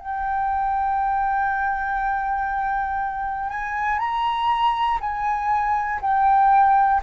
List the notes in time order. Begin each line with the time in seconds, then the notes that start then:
0.00 G5
3.50 G#5
3.99 A#5
5.00 G#5
6.01 G5